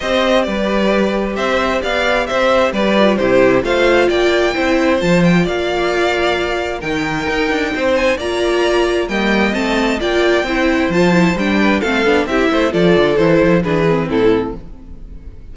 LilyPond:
<<
  \new Staff \with { instrumentName = "violin" } { \time 4/4 \tempo 4 = 132 dis''4 d''2 e''4 | f''4 e''4 d''4 c''4 | f''4 g''2 a''8 g''8 | f''2. g''4~ |
g''4. gis''8 ais''2 | g''4 a''4 g''2 | a''4 g''4 f''4 e''4 | d''4 c''4 b'4 a'4 | }
  \new Staff \with { instrumentName = "violin" } { \time 4/4 c''4 b'2 c''4 | d''4 c''4 b'4 g'4 | c''4 d''4 c''2 | d''2. ais'4~ |
ais'4 c''4 d''2 | dis''2 d''4 c''4~ | c''4. b'8 a'4 g'8 c''8 | a'2 gis'4 e'4 | }
  \new Staff \with { instrumentName = "viola" } { \time 4/4 g'1~ | g'2~ g'8 f'8 e'4 | f'2 e'4 f'4~ | f'2. dis'4~ |
dis'2 f'2 | ais4 c'4 f'4 e'4 | f'8 e'8 d'4 c'8 d'8 e'4 | f'4 e'4 d'8 c'4. | }
  \new Staff \with { instrumentName = "cello" } { \time 4/4 c'4 g2 c'4 | b4 c'4 g4 c4 | a4 ais4 c'4 f4 | ais2. dis4 |
dis'8 d'8 c'4 ais2 | g4 a4 ais4 c'4 | f4 g4 a8 b8 c'8 a8 | f8 d8 e8 f8 e4 a,4 | }
>>